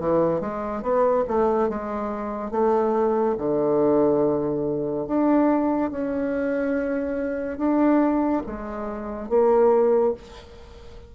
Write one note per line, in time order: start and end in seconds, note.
0.00 0.41 E3
0.41 0.82 G#3
0.82 1.24 B3
1.28 1.69 A3
1.69 2.51 G#3
2.51 3.36 A3
3.38 5.07 D3
5.07 5.91 D4
5.91 7.58 C#4
7.58 8.42 D4
8.46 9.29 G#3
9.29 10.14 A#3